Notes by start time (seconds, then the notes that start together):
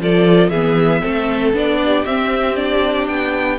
0.00 F3 F4 A4 D5
0.50 E3 B3 G#4 E5
1.02 A3 C4 A4
1.53 B3 D4 D5
1.84 G4
2.05 C4 E5
2.56 D4 D5
3.08 B3 G5